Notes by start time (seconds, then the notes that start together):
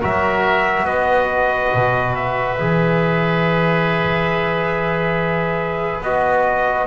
0.00 F#3 F#4 A#4 E5
0.82 B3 B4 D#5
1.74 B2
2.15 E5
2.59 E3 G#4
6.00 B3 F#4 D#5